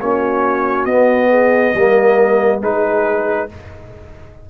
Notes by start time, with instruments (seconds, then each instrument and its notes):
0.00 tuba A#3, trombone C#4, horn F#4, trumpet C#5
0.85 tuba B3, trombone B3, trumpet D#5
1.29 horn G#4
1.74 tuba G3, trombone A#3, horn A#4
2.61 tuba G#3, trombone D#4, horn G#4, trumpet B4